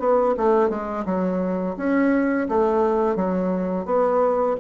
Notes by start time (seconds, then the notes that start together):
0.00 B3
0.38 A3
0.70 G#3
1.06 F#3
1.78 C#4
2.49 A3
3.16 F#3
3.86 B3